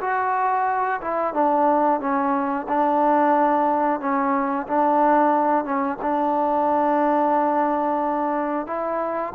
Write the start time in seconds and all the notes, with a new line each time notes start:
0.00 F#4
1.01 E4
1.33 D4
2.00 C#4
2.68 D4
4.00 C#4
4.66 D4
5.64 C#4
6.02 D4
8.66 E4